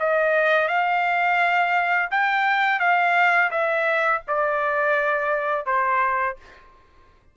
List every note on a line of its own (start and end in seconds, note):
0.00 0.68 D#5
0.68 2.09 F5
2.11 2.80 G5
2.80 3.50 F5
3.51 4.22 E5
4.27 5.66 D5
5.66 6.37 C5